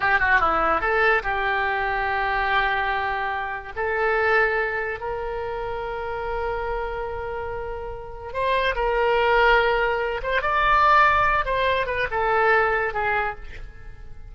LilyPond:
\new Staff \with { instrumentName = "oboe" } { \time 4/4 \tempo 4 = 144 g'8 fis'8 e'4 a'4 g'4~ | g'1~ | g'4 a'2. | ais'1~ |
ais'1 | c''4 ais'2.~ | ais'8 c''8 d''2~ d''8 c''8~ | c''8 b'8 a'2 gis'4 | }